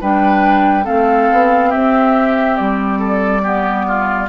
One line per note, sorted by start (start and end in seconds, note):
0.00 0.87 G3
0.00 0.83 D4
0.00 0.84 B4
0.00 0.86 G5
0.83 1.30 A3
0.83 3.41 C4
0.83 1.69 A4
0.83 1.71 F5
1.31 1.74 B3
1.69 2.59 C4
1.69 2.98 G4
1.69 2.56 E5
2.56 4.28 G3
2.56 4.27 D5
2.98 3.41 A4
3.42 4.28 B3
3.42 3.85 G4
3.87 4.28 F4